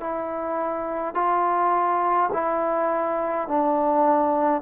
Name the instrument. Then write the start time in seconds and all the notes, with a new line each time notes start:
trombone
0.00 E4
1.14 F4
2.32 E4
3.48 D4